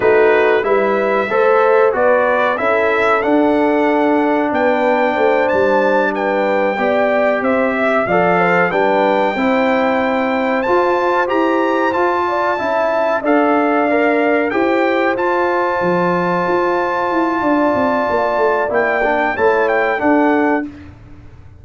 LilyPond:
<<
  \new Staff \with { instrumentName = "trumpet" } { \time 4/4 \tempo 4 = 93 b'4 e''2 d''4 | e''4 fis''2 g''4~ | g''8 a''4 g''2 e''8~ | e''8 f''4 g''2~ g''8~ |
g''8 a''4 ais''4 a''4.~ | a''8 f''2 g''4 a''8~ | a''1~ | a''4 g''4 a''8 g''8 fis''4 | }
  \new Staff \with { instrumentName = "horn" } { \time 4/4 fis'4 b'4 c''4 b'4 | a'2. b'4 | c''4. b'4 d''4 c''8 | e''8 d''8 c''8 b'4 c''4.~ |
c''2. d''8 e''8~ | e''8 d''2 c''4.~ | c''2. d''4~ | d''2 cis''4 a'4 | }
  \new Staff \with { instrumentName = "trombone" } { \time 4/4 dis'4 e'4 a'4 fis'4 | e'4 d'2.~ | d'2~ d'8 g'4.~ | g'8 a'4 d'4 e'4.~ |
e'8 f'4 g'4 f'4 e'8~ | e'8 a'4 ais'4 g'4 f'8~ | f'1~ | f'4 e'8 d'8 e'4 d'4 | }
  \new Staff \with { instrumentName = "tuba" } { \time 4/4 a4 g4 a4 b4 | cis'4 d'2 b4 | a8 g2 b4 c'8~ | c'8 f4 g4 c'4.~ |
c'8 f'4 e'4 f'4 cis'8~ | cis'8 d'2 e'4 f'8~ | f'8 f4 f'4 e'8 d'8 c'8 | ais8 a8 ais4 a4 d'4 | }
>>